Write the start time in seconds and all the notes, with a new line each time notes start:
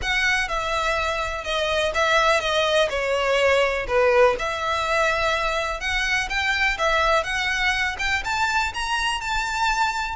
0.01 F#5
0.48 E5
1.43 D#5
1.94 E5
2.40 D#5
2.89 C#5
3.87 B4
4.39 E5
5.80 F#5
6.29 G5
6.78 E5
7.23 F#5
7.99 G5
8.24 A5
8.74 A#5
9.20 A5